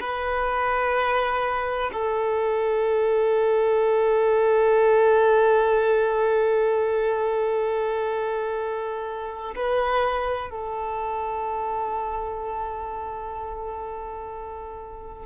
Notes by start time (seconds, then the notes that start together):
0.00 B4
1.92 A4
9.55 B4
10.50 A4